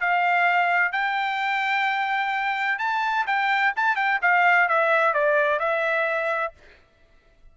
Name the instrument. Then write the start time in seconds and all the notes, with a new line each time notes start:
trumpet
0.00 F5
0.92 G5
2.79 A5
3.27 G5
3.76 A5
3.96 G5
4.22 F5
4.69 E5
5.14 D5
5.60 E5